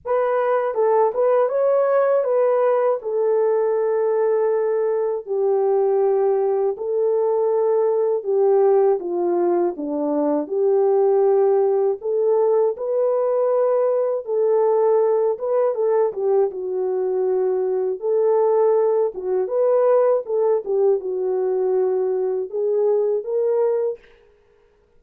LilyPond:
\new Staff \with { instrumentName = "horn" } { \time 4/4 \tempo 4 = 80 b'4 a'8 b'8 cis''4 b'4 | a'2. g'4~ | g'4 a'2 g'4 | f'4 d'4 g'2 |
a'4 b'2 a'4~ | a'8 b'8 a'8 g'8 fis'2 | a'4. fis'8 b'4 a'8 g'8 | fis'2 gis'4 ais'4 | }